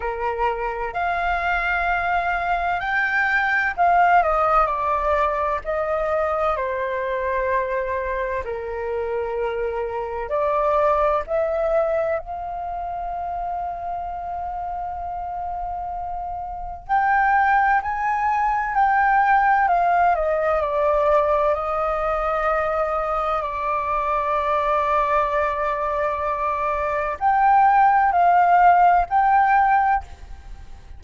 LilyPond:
\new Staff \with { instrumentName = "flute" } { \time 4/4 \tempo 4 = 64 ais'4 f''2 g''4 | f''8 dis''8 d''4 dis''4 c''4~ | c''4 ais'2 d''4 | e''4 f''2.~ |
f''2 g''4 gis''4 | g''4 f''8 dis''8 d''4 dis''4~ | dis''4 d''2.~ | d''4 g''4 f''4 g''4 | }